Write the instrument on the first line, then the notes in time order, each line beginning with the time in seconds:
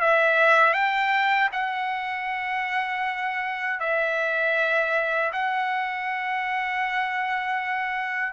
trumpet
0.00 E5
0.73 G5
1.52 F#5
3.79 E5
5.32 F#5